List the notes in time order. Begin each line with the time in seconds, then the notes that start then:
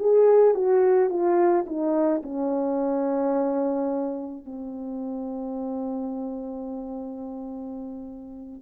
0.00 G#4
0.55 F#4
1.10 F4
1.67 D#4
2.23 C#4
4.46 C4